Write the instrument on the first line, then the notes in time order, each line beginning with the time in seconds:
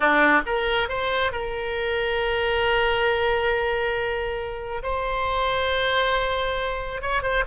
oboe
0.00 D4
0.46 A#4
0.88 C5
1.32 A#4
4.82 C5
7.01 C#5
7.22 C5